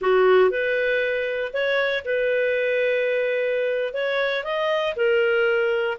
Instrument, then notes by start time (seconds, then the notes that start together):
clarinet
0.01 F#4
0.50 B4
1.53 C#5
2.05 B4
3.93 C#5
4.44 D#5
4.96 A#4